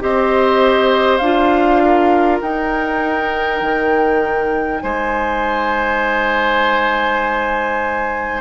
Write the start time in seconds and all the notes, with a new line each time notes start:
0.00 C4 G4 C5 D#5
1.17 D4 F4 F5
1.84 A#4
2.41 D#4 G5
3.61 D#3
4.80 G#3 C5 G#5